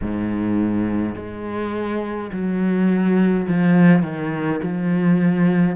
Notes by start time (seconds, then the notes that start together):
0.01 G#2
1.15 G#3
2.32 F#3
3.48 F3
4.02 D#3
4.62 F3